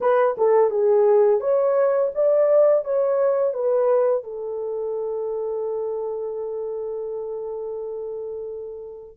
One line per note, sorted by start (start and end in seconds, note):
0.00 0.36 B4
0.37 0.70 A4
0.70 1.40 G#4
1.40 2.11 C#5
2.14 2.84 D5
2.84 3.53 C#5
3.53 4.23 B4
4.23 9.17 A4